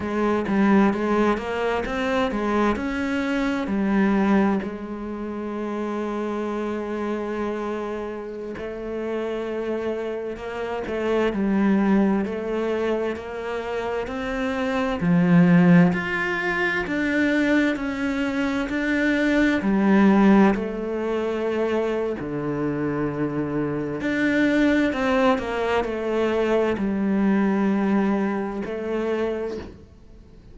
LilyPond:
\new Staff \with { instrumentName = "cello" } { \time 4/4 \tempo 4 = 65 gis8 g8 gis8 ais8 c'8 gis8 cis'4 | g4 gis2.~ | gis4~ gis16 a2 ais8 a16~ | a16 g4 a4 ais4 c'8.~ |
c'16 f4 f'4 d'4 cis'8.~ | cis'16 d'4 g4 a4.~ a16 | d2 d'4 c'8 ais8 | a4 g2 a4 | }